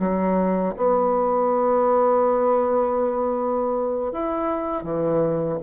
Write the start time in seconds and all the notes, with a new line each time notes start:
0.00 F#3
0.77 B3
4.13 E4
4.84 E3